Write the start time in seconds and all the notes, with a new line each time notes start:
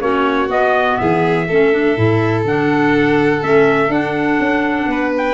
0.00 A#3 C#4 F#4 C#5
0.47 B3 D#5
0.97 E3 G#4 E5
1.47 A3 C#4 A4
1.72 D4
1.96 A2 E4
2.44 D3 D4 F#5
3.41 A3 C#4 E5
3.88 D4 F#5
4.39 C#4
4.86 B3 B4
5.17 G5